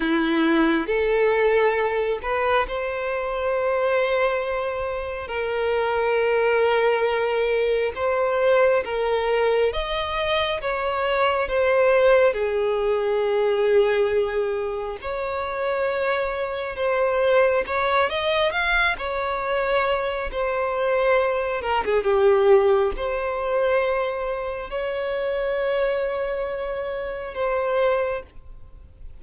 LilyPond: \new Staff \with { instrumentName = "violin" } { \time 4/4 \tempo 4 = 68 e'4 a'4. b'8 c''4~ | c''2 ais'2~ | ais'4 c''4 ais'4 dis''4 | cis''4 c''4 gis'2~ |
gis'4 cis''2 c''4 | cis''8 dis''8 f''8 cis''4. c''4~ | c''8 ais'16 gis'16 g'4 c''2 | cis''2. c''4 | }